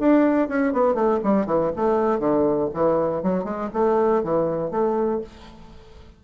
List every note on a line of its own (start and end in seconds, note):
0.00 0.49 D4
0.49 0.73 C#4
0.73 0.95 B3
0.95 1.20 A3
1.24 1.46 G3
1.46 1.71 E3
1.76 2.20 A3
2.20 2.70 D3
2.74 3.23 E3
3.23 3.45 F#3
3.45 3.70 G#3
3.74 4.24 A3
4.24 4.71 E3
4.71 5.21 A3